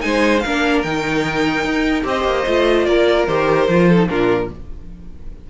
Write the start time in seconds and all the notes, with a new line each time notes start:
0.00 G#3 D#4 C5 G#5
0.40 A#3 A#4 F5
0.46 D4
0.83 D#3 D#4 G5
1.64 D#4
2.03 C4 G4 C5 D#5
2.24 A#3
2.47 A3 F4
2.85 A#3 A#4 D5
3.27 D#3 G4 C5
3.68 F3 F4
3.88 A4
3.96 D#4
4.08 A#2 D4 F4 A#4